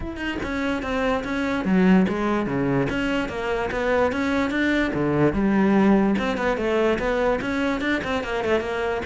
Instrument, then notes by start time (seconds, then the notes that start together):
cello
0.00 E4
0.16 D#4
0.42 C#4
0.82 C4
1.24 C#4
1.65 F#3
2.08 G#3
2.46 C#3
2.89 C#4
3.29 A#3
3.71 B3
4.12 C#4
4.50 D4
4.94 D3
5.33 G3
6.18 C4
6.37 B3
6.57 A3
6.98 B3
7.41 C#4
7.81 D4
8.03 C4
8.23 A#3
8.44 A3
8.60 A#3